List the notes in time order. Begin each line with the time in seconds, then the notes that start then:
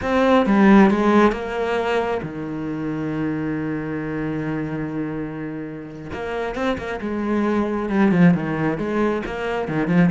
0.02 C4
0.46 G3
0.90 G#3
1.32 A#3
2.22 D#3
6.13 A#3
6.55 C4
6.78 A#3
7.01 G#3
7.89 G3
8.11 F3
8.34 D#3
8.77 G#3
9.25 A#3
9.67 D#3
9.87 F3